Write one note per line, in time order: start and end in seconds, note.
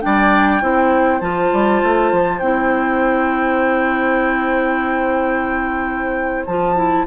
0.00 0.61 G3
0.00 0.61 D4
0.00 0.62 D5
0.00 1.20 G5
0.61 1.21 C4
0.61 1.20 E4
0.61 7.06 C5
1.20 1.51 F3
1.20 2.40 F4
1.20 2.39 A5
1.52 1.82 G3
1.82 2.12 A3
2.12 2.40 F3
2.39 6.45 C4
2.39 6.46 E4
2.39 6.44 G5
6.46 7.06 F3
6.46 6.75 F4
6.46 7.05 A5
6.75 7.05 E4